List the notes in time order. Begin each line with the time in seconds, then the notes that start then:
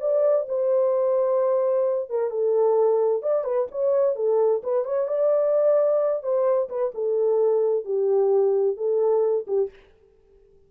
0.00 D5
0.48 C5
2.10 A#4
2.30 A4
3.22 D5
3.44 B4
3.71 C#5
4.16 A4
4.63 B4
4.85 C#5
5.07 D5
6.23 C5
6.69 B4
6.94 A4
7.85 G4
8.77 A4
9.47 G4